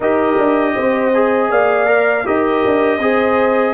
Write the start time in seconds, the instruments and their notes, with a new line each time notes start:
0.00 tuba D#4, trombone G4, horn A#4, trumpet D#5
0.38 tuba D4
0.74 tuba C4, horn C5
1.14 trombone G#4
1.49 tuba A#3, horn D5, trumpet F5
1.86 trombone A#4
2.24 tuba D#4, trombone G4, horn A#4, trumpet D#5
2.65 tuba D4
2.98 tuba C4, trombone G#4, horn C5